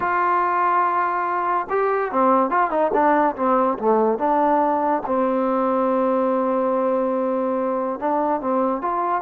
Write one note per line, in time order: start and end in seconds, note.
0.00 1.67 F4
1.69 2.11 G4
2.11 2.50 C4
2.50 2.70 F4
2.70 2.91 D#4
2.93 3.35 D4
3.36 3.78 C4
3.79 4.18 A3
4.18 5.02 D4
5.05 7.99 C4
7.99 8.40 D4
8.40 8.81 C4
8.81 9.21 F4